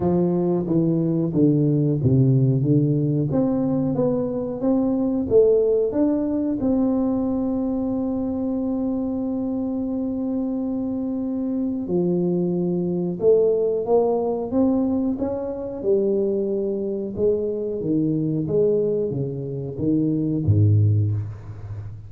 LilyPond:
\new Staff \with { instrumentName = "tuba" } { \time 4/4 \tempo 4 = 91 f4 e4 d4 c4 | d4 c'4 b4 c'4 | a4 d'4 c'2~ | c'1~ |
c'2 f2 | a4 ais4 c'4 cis'4 | g2 gis4 dis4 | gis4 cis4 dis4 gis,4 | }